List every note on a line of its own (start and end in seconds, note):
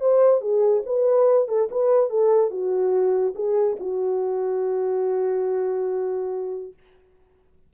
0.00 0.41 C5
0.41 0.83 G#4
0.86 1.48 B4
1.48 1.69 A4
1.71 2.10 B4
2.10 2.50 A4
2.50 3.34 F#4
3.35 3.77 G#4
3.80 6.73 F#4